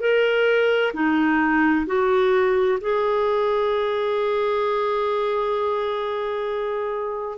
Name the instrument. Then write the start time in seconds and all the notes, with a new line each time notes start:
clarinet
0.00 A#4
0.94 D#4
1.86 F#4
2.81 G#4